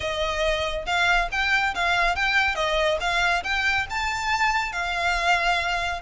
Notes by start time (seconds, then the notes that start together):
0.00 D#5
0.86 F5
1.31 G5
1.74 F5
2.15 G5
2.55 D#5
3.00 F5
3.43 G5
3.90 A5
4.72 F5